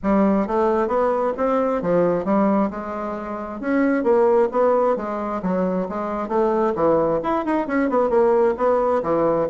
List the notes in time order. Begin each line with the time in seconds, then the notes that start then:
0.02 G3
0.47 A3
0.87 B3
1.37 C4
1.82 F3
2.25 G3
2.70 G#3
3.60 C#4
4.03 A#3
4.51 B3
4.96 G#3
5.42 F#3
5.89 G#3
6.28 A3
6.75 E3
7.23 E4
7.45 D#4
7.67 C#4
7.89 B3
8.09 A#3
8.57 B3
9.02 E3